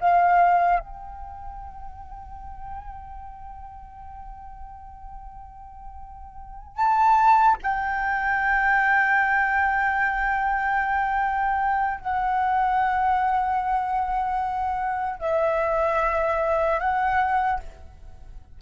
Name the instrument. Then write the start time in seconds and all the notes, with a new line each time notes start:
flute
0.00 F5
0.79 G5
6.76 A5
7.62 G5
12.00 F#5
15.19 E5
16.79 F#5